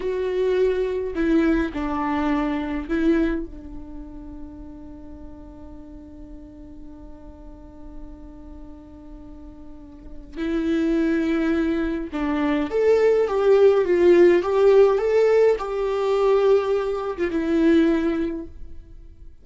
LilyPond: \new Staff \with { instrumentName = "viola" } { \time 4/4 \tempo 4 = 104 fis'2 e'4 d'4~ | d'4 e'4 d'2~ | d'1~ | d'1~ |
d'2 e'2~ | e'4 d'4 a'4 g'4 | f'4 g'4 a'4 g'4~ | g'4.~ g'16 f'16 e'2 | }